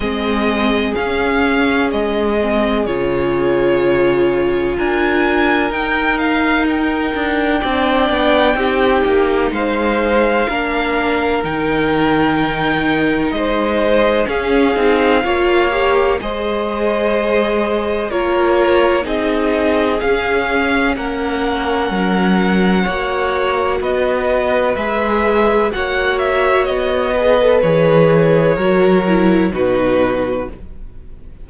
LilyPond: <<
  \new Staff \with { instrumentName = "violin" } { \time 4/4 \tempo 4 = 63 dis''4 f''4 dis''4 cis''4~ | cis''4 gis''4 g''8 f''8 g''4~ | g''2 f''2 | g''2 dis''4 f''4~ |
f''4 dis''2 cis''4 | dis''4 f''4 fis''2~ | fis''4 dis''4 e''4 fis''8 e''8 | dis''4 cis''2 b'4 | }
  \new Staff \with { instrumentName = "violin" } { \time 4/4 gis'1~ | gis'4 ais'2. | d''4 g'4 c''4 ais'4~ | ais'2 c''4 gis'4 |
cis''4 c''2 ais'4 | gis'2 ais'2 | cis''4 b'2 cis''4~ | cis''8 b'4. ais'4 fis'4 | }
  \new Staff \with { instrumentName = "viola" } { \time 4/4 c'4 cis'4. c'8 f'4~ | f'2 dis'2 | d'4 dis'2 d'4 | dis'2. cis'8 dis'8 |
f'8 g'8 gis'2 f'4 | dis'4 cis'2. | fis'2 gis'4 fis'4~ | fis'8 gis'16 a'16 gis'4 fis'8 e'8 dis'4 | }
  \new Staff \with { instrumentName = "cello" } { \time 4/4 gis4 cis'4 gis4 cis4~ | cis4 d'4 dis'4. d'8 | c'8 b8 c'8 ais8 gis4 ais4 | dis2 gis4 cis'8 c'8 |
ais4 gis2 ais4 | c'4 cis'4 ais4 fis4 | ais4 b4 gis4 ais4 | b4 e4 fis4 b,4 | }
>>